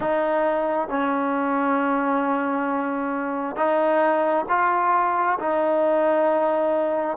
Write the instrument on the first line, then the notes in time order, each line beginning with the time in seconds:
trombone
0.00 D#4
0.88 C#4
3.56 D#4
4.48 F4
5.39 D#4